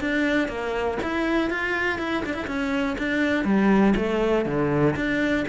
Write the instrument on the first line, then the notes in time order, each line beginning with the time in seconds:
cello
0.00 D4
0.48 A#3
1.03 E4
1.50 F4
1.98 E4
2.26 D4
2.34 E4
2.47 C#4
2.98 D4
3.44 G3
3.96 A3
4.45 D3
4.95 D4